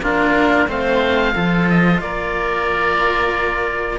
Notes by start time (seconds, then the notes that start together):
0.00 A#3 D4 F4 A#4
0.68 A3 C4 C5 F5
1.35 F3 F4 A4
1.70 D#5
2.01 A#3 A#4 D5